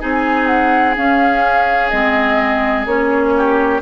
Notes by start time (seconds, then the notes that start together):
0.00 C4 D#4 G#4 G#5
0.47 F#5
0.96 C#4 F5
1.90 G#3 C4 D#5
2.86 A#3 C#4 C#5
3.37 G4